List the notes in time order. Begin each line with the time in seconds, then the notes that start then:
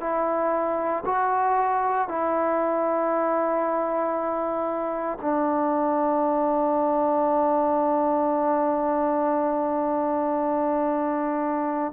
0.00 E4
1.05 F#4
2.08 E4
5.21 D4